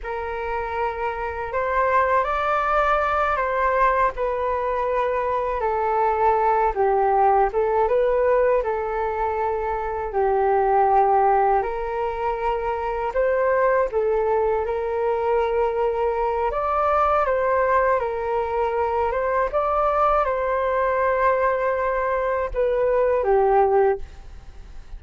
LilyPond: \new Staff \with { instrumentName = "flute" } { \time 4/4 \tempo 4 = 80 ais'2 c''4 d''4~ | d''8 c''4 b'2 a'8~ | a'4 g'4 a'8 b'4 a'8~ | a'4. g'2 ais'8~ |
ais'4. c''4 a'4 ais'8~ | ais'2 d''4 c''4 | ais'4. c''8 d''4 c''4~ | c''2 b'4 g'4 | }